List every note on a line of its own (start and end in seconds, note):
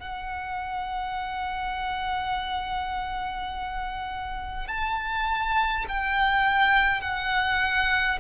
0.00 4.68 F#5
4.68 5.86 A5
5.88 7.01 G5
7.01 8.19 F#5